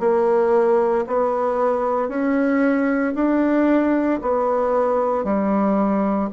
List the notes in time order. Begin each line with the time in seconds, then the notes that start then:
0.00 A#3
1.07 B3
2.09 C#4
3.15 D4
4.22 B3
5.24 G3